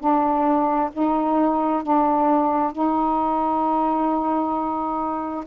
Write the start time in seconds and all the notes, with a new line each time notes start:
0.00 D4
0.93 D#4
1.83 D4
2.73 D#4